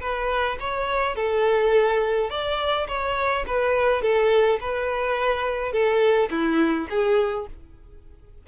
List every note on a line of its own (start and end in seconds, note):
0.00 0.57 B4
0.59 1.15 C#5
1.15 2.30 A4
2.30 2.87 D5
2.88 3.45 C#5
3.46 4.02 B4
4.02 4.59 A4
4.60 5.72 B4
5.72 6.29 A4
6.30 6.88 E4
6.89 7.46 G#4